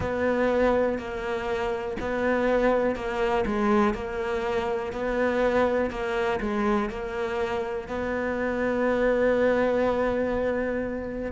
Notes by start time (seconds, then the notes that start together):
0.00 B3
0.98 A#3
2.00 B3
2.95 A#3
3.46 G#3
3.93 A#3
4.92 B3
5.90 A#3
6.40 G#3
6.89 A#3
7.88 B3